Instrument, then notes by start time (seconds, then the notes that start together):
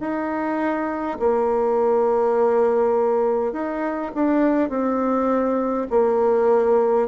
bassoon
0.00 D#4
1.19 A#3
3.52 D#4
4.14 D4
4.69 C4
5.90 A#3